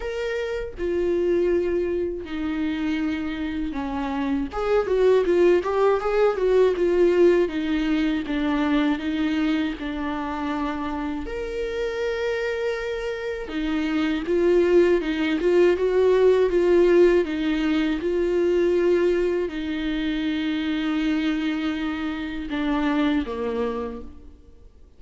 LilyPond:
\new Staff \with { instrumentName = "viola" } { \time 4/4 \tempo 4 = 80 ais'4 f'2 dis'4~ | dis'4 cis'4 gis'8 fis'8 f'8 g'8 | gis'8 fis'8 f'4 dis'4 d'4 | dis'4 d'2 ais'4~ |
ais'2 dis'4 f'4 | dis'8 f'8 fis'4 f'4 dis'4 | f'2 dis'2~ | dis'2 d'4 ais4 | }